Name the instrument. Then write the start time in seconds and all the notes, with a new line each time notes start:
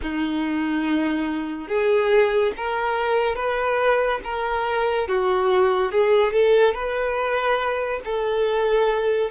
violin
0.02 D#4
1.67 G#4
2.56 A#4
3.35 B4
4.24 A#4
5.08 F#4
5.92 G#4
6.32 A4
6.73 B4
8.04 A4